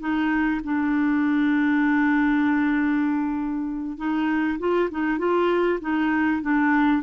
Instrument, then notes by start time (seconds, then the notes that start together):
clarinet
0.00 D#4
0.64 D4
3.98 D#4
4.59 F4
4.91 D#4
5.18 F4
5.81 D#4
6.42 D4